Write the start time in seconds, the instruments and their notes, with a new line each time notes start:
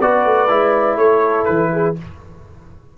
0.00 tuba B3, trombone F#4, horn B4, trumpet D5
0.24 tuba A3
0.49 tuba G#3, trombone E4
0.96 tuba A3, horn A4, trumpet C#5
1.45 tuba E3, trumpet B4
1.72 horn G#4